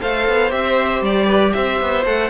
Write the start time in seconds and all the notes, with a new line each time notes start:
0.00 A3 A4 C5 F5
0.28 B3
0.50 C4 G4 E5
1.01 G3 D5
1.26 B4
1.53 C4 C5 E5
1.81 B3
2.05 A3 A4 F#5